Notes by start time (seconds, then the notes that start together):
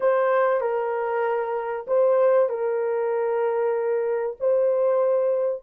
0.00 C5
0.61 A#4
1.87 C5
2.49 A#4
4.39 C5